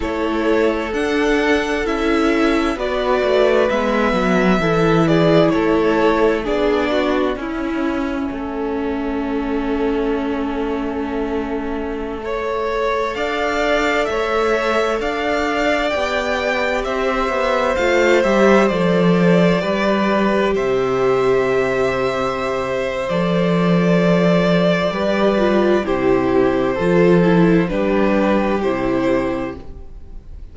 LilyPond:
<<
  \new Staff \with { instrumentName = "violin" } { \time 4/4 \tempo 4 = 65 cis''4 fis''4 e''4 d''4 | e''4. d''8 cis''4 d''4 | e''1~ | e''2~ e''16 f''4 e''8.~ |
e''16 f''4 g''4 e''4 f''8 e''16~ | e''16 d''2 e''4.~ e''16~ | e''4 d''2. | c''2 b'4 c''4 | }
  \new Staff \with { instrumentName = "violin" } { \time 4/4 a'2. b'4~ | b'4 a'8 gis'8 a'4 gis'8 fis'8 | e'4 a'2.~ | a'4~ a'16 cis''4 d''4 cis''8.~ |
cis''16 d''2 c''4.~ c''16~ | c''4~ c''16 b'4 c''4.~ c''16~ | c''2. b'4 | g'4 a'4 g'2 | }
  \new Staff \with { instrumentName = "viola" } { \time 4/4 e'4 d'4 e'4 fis'4 | b4 e'2 d'4 | cis'1~ | cis'4~ cis'16 a'2~ a'8.~ |
a'4~ a'16 g'2 f'8 g'16~ | g'16 a'4 g'2~ g'8.~ | g'4 a'2 g'8 f'8 | e'4 f'8 e'8 d'4 e'4 | }
  \new Staff \with { instrumentName = "cello" } { \time 4/4 a4 d'4 cis'4 b8 a8 | gis8 fis8 e4 a4 b4 | cis'4 a2.~ | a2~ a16 d'4 a8.~ |
a16 d'4 b4 c'8 b8 a8 g16~ | g16 f4 g4 c4.~ c16~ | c4 f2 g4 | c4 f4 g4 c4 | }
>>